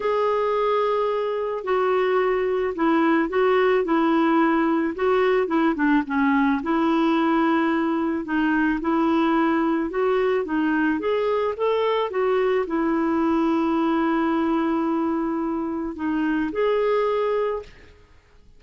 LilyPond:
\new Staff \with { instrumentName = "clarinet" } { \time 4/4 \tempo 4 = 109 gis'2. fis'4~ | fis'4 e'4 fis'4 e'4~ | e'4 fis'4 e'8 d'8 cis'4 | e'2. dis'4 |
e'2 fis'4 dis'4 | gis'4 a'4 fis'4 e'4~ | e'1~ | e'4 dis'4 gis'2 | }